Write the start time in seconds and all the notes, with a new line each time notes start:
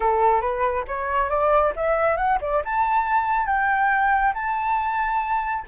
0.00 A4
0.41 B4
0.87 C#5
1.29 D5
1.76 E5
2.16 F#5
2.41 D5
2.64 A5
3.46 G5
4.34 A5